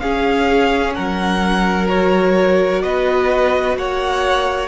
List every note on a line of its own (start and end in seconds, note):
0.00 1.89 C#4
0.00 0.97 C#4
0.00 0.96 G#4
0.00 0.94 F5
0.95 2.84 F#3
0.95 2.83 A#4
0.95 1.88 F#5
1.89 4.68 F#4
1.89 2.82 C#5
2.82 3.77 B3
2.82 3.78 B4
2.82 3.76 D#5
3.77 4.68 A#3
3.77 4.68 C#5
3.77 4.68 F#5